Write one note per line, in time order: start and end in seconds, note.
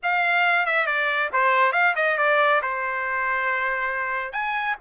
0.02 0.66 F5
0.66 0.86 E5
0.86 1.29 D5
1.32 1.72 C5
1.72 1.94 F5
1.95 2.17 D#5
2.17 2.61 D5
2.61 4.32 C5
4.32 4.75 G#5